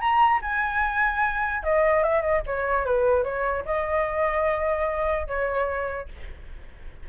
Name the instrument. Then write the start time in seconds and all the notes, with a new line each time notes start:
flute
0.00 A#5
0.41 G#5
1.63 D#5
2.03 E5
2.21 D#5
2.47 C#5
2.85 B4
3.24 C#5
3.65 D#5
5.27 C#5